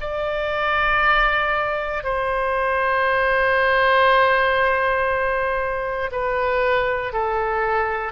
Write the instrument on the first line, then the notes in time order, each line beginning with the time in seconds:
oboe
0.00 D5
2.03 C5
6.12 B4
7.13 A4